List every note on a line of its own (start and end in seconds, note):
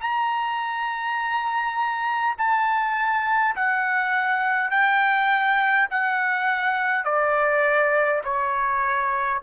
0.00 2.35 A#5
2.37 3.55 A5
3.56 4.71 F#5
4.71 5.88 G5
5.90 7.04 F#5
7.04 8.22 D5
8.24 9.42 C#5